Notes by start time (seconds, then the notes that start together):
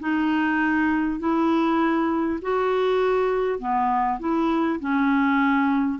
0.00 D#4
1.19 E4
2.42 F#4
3.59 B3
4.19 E4
4.80 C#4